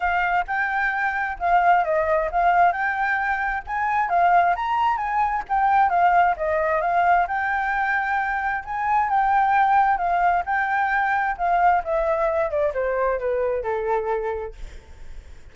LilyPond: \new Staff \with { instrumentName = "flute" } { \time 4/4 \tempo 4 = 132 f''4 g''2 f''4 | dis''4 f''4 g''2 | gis''4 f''4 ais''4 gis''4 | g''4 f''4 dis''4 f''4 |
g''2. gis''4 | g''2 f''4 g''4~ | g''4 f''4 e''4. d''8 | c''4 b'4 a'2 | }